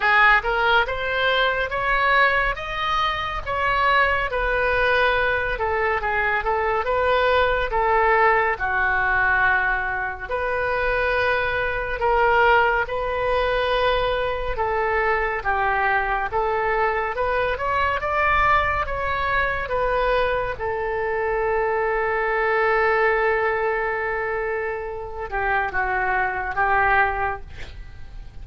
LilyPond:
\new Staff \with { instrumentName = "oboe" } { \time 4/4 \tempo 4 = 70 gis'8 ais'8 c''4 cis''4 dis''4 | cis''4 b'4. a'8 gis'8 a'8 | b'4 a'4 fis'2 | b'2 ais'4 b'4~ |
b'4 a'4 g'4 a'4 | b'8 cis''8 d''4 cis''4 b'4 | a'1~ | a'4. g'8 fis'4 g'4 | }